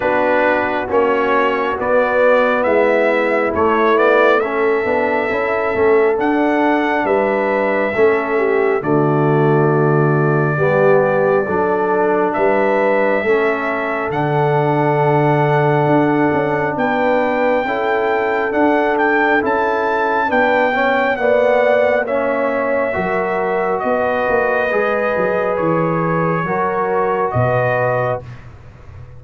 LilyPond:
<<
  \new Staff \with { instrumentName = "trumpet" } { \time 4/4 \tempo 4 = 68 b'4 cis''4 d''4 e''4 | cis''8 d''8 e''2 fis''4 | e''2 d''2~ | d''2 e''2 |
fis''2. g''4~ | g''4 fis''8 g''8 a''4 g''4 | fis''4 e''2 dis''4~ | dis''4 cis''2 dis''4 | }
  \new Staff \with { instrumentName = "horn" } { \time 4/4 fis'2. e'4~ | e'4 a'2. | b'4 a'8 g'8 fis'2 | g'4 a'4 b'4 a'4~ |
a'2. b'4 | a'2. b'8 cis''8 | d''4 cis''4 ais'4 b'4~ | b'2 ais'4 b'4 | }
  \new Staff \with { instrumentName = "trombone" } { \time 4/4 d'4 cis'4 b2 | a8 b8 cis'8 d'8 e'8 cis'8 d'4~ | d'4 cis'4 a2 | b4 d'2 cis'4 |
d'1 | e'4 d'4 e'4 d'8 cis'8 | b4 cis'4 fis'2 | gis'2 fis'2 | }
  \new Staff \with { instrumentName = "tuba" } { \time 4/4 b4 ais4 b4 gis4 | a4. b8 cis'8 a8 d'4 | g4 a4 d2 | g4 fis4 g4 a4 |
d2 d'8 cis'8 b4 | cis'4 d'4 cis'4 b4 | ais2 fis4 b8 ais8 | gis8 fis8 e4 fis4 b,4 | }
>>